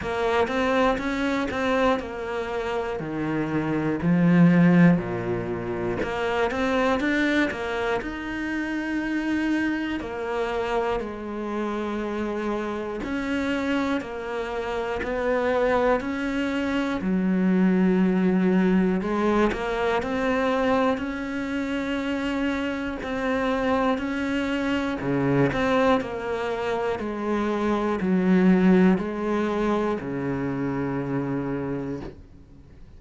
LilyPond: \new Staff \with { instrumentName = "cello" } { \time 4/4 \tempo 4 = 60 ais8 c'8 cis'8 c'8 ais4 dis4 | f4 ais,4 ais8 c'8 d'8 ais8 | dis'2 ais4 gis4~ | gis4 cis'4 ais4 b4 |
cis'4 fis2 gis8 ais8 | c'4 cis'2 c'4 | cis'4 cis8 c'8 ais4 gis4 | fis4 gis4 cis2 | }